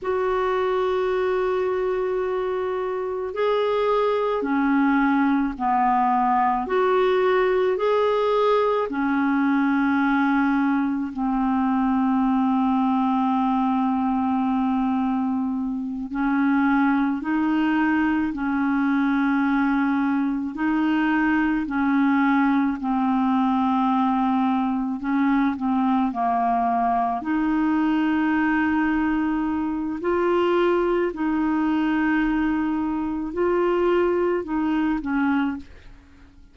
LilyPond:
\new Staff \with { instrumentName = "clarinet" } { \time 4/4 \tempo 4 = 54 fis'2. gis'4 | cis'4 b4 fis'4 gis'4 | cis'2 c'2~ | c'2~ c'8 cis'4 dis'8~ |
dis'8 cis'2 dis'4 cis'8~ | cis'8 c'2 cis'8 c'8 ais8~ | ais8 dis'2~ dis'8 f'4 | dis'2 f'4 dis'8 cis'8 | }